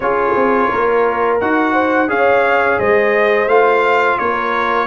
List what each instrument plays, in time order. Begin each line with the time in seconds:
0.00 tuba C#4, trombone F4, horn G#4, trumpet C#5
0.35 tuba C4
0.70 tuba A#3, horn A#4
1.40 tuba D#4, trombone F#4, trumpet F#5
1.73 horn C5
2.08 tuba C#4, trombone G#4, horn C#5, trumpet F5
2.79 tuba G#3, horn C5, trumpet D#5
3.46 tuba A3, trombone F4, trumpet F5
4.18 tuba A#3, horn A#4, trumpet C#5